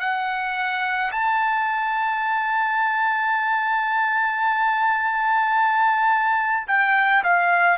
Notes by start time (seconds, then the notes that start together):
0.00 F#5
1.12 A5
6.68 G5
7.23 F5